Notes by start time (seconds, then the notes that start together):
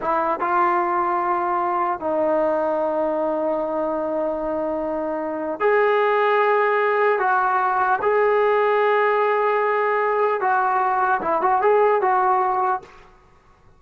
0.01 E4
0.40 F4
1.99 D#4
5.59 G#4
7.19 F#4
8.02 G#4
10.40 F#4
11.21 E4
11.41 F#4
11.61 G#4
12.01 F#4